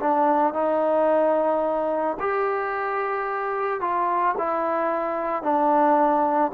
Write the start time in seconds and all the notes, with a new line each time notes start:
0.00 D4
0.54 D#4
2.20 G4
3.81 F4
4.38 E4
5.43 D4